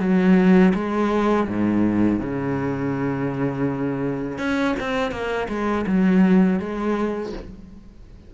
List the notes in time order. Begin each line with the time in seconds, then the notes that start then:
0.00 F#3
0.75 G#3
1.48 G#2
2.20 C#3
4.39 C#4
4.80 C4
5.12 A#3
5.49 G#3
5.87 F#3
6.60 G#3